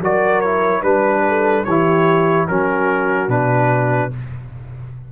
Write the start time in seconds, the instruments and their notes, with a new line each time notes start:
0.00 tuba F#3, trombone F#4, horn A#4, trumpet D5
0.41 trombone E4, trumpet C#5
0.82 tuba G3, trombone D4, horn B4, trumpet B4
1.28 horn A4
1.65 tuba E3, trombone E4, horn G4, trumpet C#5
2.47 tuba F#3, trombone C#4, horn F#4, trumpet A#4
3.28 tuba B2, trombone D4, trumpet B4